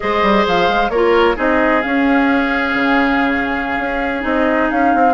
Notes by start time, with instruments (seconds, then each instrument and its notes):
0.00 bassoon G#3, clarinet G#4, oboe C5, flute D#5
0.22 bassoon G3
0.46 bassoon F3, flute F5
0.68 bassoon G#3
0.89 bassoon A#3, clarinet F4, oboe A#4, flute C#5
1.35 bassoon C4, clarinet D#4, oboe G#4, flute D#5
1.81 clarinet C#4, bassoon C#4, flute F5
2.74 bassoon C#3
3.78 bassoon C#4
4.20 bassoon C4, clarinet D#4, flute D#5
4.70 bassoon C#4, flute F5
4.94 bassoon C4